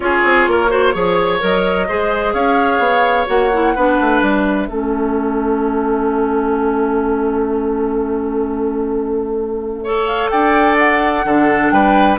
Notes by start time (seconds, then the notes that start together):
0.00 C#4 F4 G#4 C#5
0.24 C4
0.47 A#3 A#4
0.69 F#4 C5
0.93 F3 G#4 C#5
1.39 F#3 A#4 D#5
1.88 G#3 G#4 C5
2.33 C#4 C#5 F5
2.78 B3
3.26 A#3 F#4 F#5
3.52 E4
3.75 B3 D4 B4
4.00 A3
4.21 G3 E5
4.68 A3 C#4 A4
9.83 A4 C#5
10.05 F5
10.30 D4 D5 G5
10.78 F#5
11.24 D3 D4 A4
11.70 G3 B4 G5